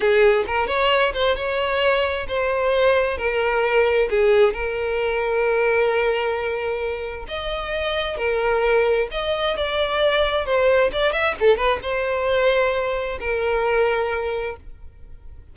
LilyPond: \new Staff \with { instrumentName = "violin" } { \time 4/4 \tempo 4 = 132 gis'4 ais'8 cis''4 c''8 cis''4~ | cis''4 c''2 ais'4~ | ais'4 gis'4 ais'2~ | ais'1 |
dis''2 ais'2 | dis''4 d''2 c''4 | d''8 e''8 a'8 b'8 c''2~ | c''4 ais'2. | }